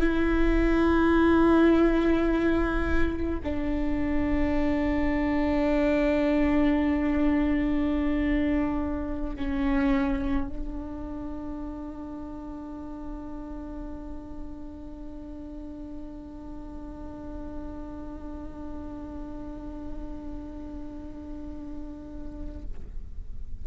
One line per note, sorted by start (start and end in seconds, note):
0.00 3.40 E4
3.44 9.36 D4
9.36 10.48 C#4
10.48 22.65 D4